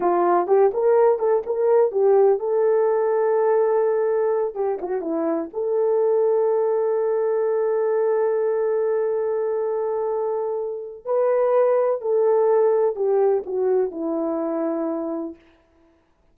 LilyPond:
\new Staff \with { instrumentName = "horn" } { \time 4/4 \tempo 4 = 125 f'4 g'8 ais'4 a'8 ais'4 | g'4 a'2.~ | a'4. g'8 fis'8 e'4 a'8~ | a'1~ |
a'1~ | a'2. b'4~ | b'4 a'2 g'4 | fis'4 e'2. | }